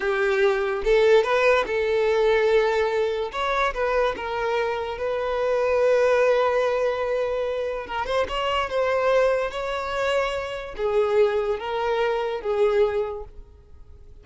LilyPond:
\new Staff \with { instrumentName = "violin" } { \time 4/4 \tempo 4 = 145 g'2 a'4 b'4 | a'1 | cis''4 b'4 ais'2 | b'1~ |
b'2. ais'8 c''8 | cis''4 c''2 cis''4~ | cis''2 gis'2 | ais'2 gis'2 | }